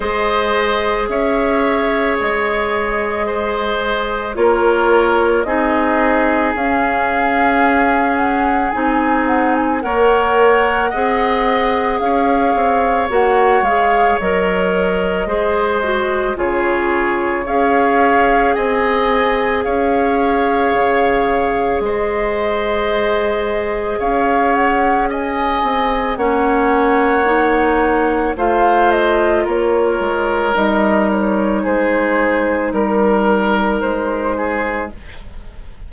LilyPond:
<<
  \new Staff \with { instrumentName = "flute" } { \time 4/4 \tempo 4 = 55 dis''4 e''4 dis''2 | cis''4 dis''4 f''4. fis''8 | gis''8 fis''16 gis''16 fis''2 f''4 | fis''8 f''8 dis''2 cis''4 |
f''4 gis''4 f''2 | dis''2 f''8 fis''8 gis''4 | fis''2 f''8 dis''8 cis''4 | dis''8 cis''8 c''4 ais'4 c''4 | }
  \new Staff \with { instrumentName = "oboe" } { \time 4/4 c''4 cis''2 c''4 | ais'4 gis'2.~ | gis'4 cis''4 dis''4 cis''4~ | cis''2 c''4 gis'4 |
cis''4 dis''4 cis''2 | c''2 cis''4 dis''4 | cis''2 c''4 ais'4~ | ais'4 gis'4 ais'4. gis'8 | }
  \new Staff \with { instrumentName = "clarinet" } { \time 4/4 gis'1 | f'4 dis'4 cis'2 | dis'4 ais'4 gis'2 | fis'8 gis'8 ais'4 gis'8 fis'8 f'4 |
gis'1~ | gis'1 | cis'4 dis'4 f'2 | dis'1 | }
  \new Staff \with { instrumentName = "bassoon" } { \time 4/4 gis4 cis'4 gis2 | ais4 c'4 cis'2 | c'4 ais4 c'4 cis'8 c'8 | ais8 gis8 fis4 gis4 cis4 |
cis'4 c'4 cis'4 cis4 | gis2 cis'4. c'8 | ais2 a4 ais8 gis8 | g4 gis4 g4 gis4 | }
>>